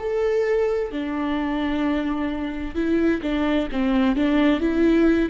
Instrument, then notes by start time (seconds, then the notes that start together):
viola
0.00 A4
0.92 D4
2.75 E4
3.23 D4
3.72 C4
4.16 D4
4.61 E4